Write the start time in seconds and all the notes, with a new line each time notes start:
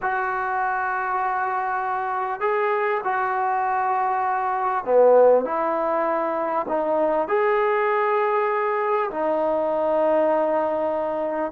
0.02 F#4
2.40 G#4
3.04 F#4
4.85 B3
5.45 E4
6.68 D#4
7.28 G#4
9.10 D#4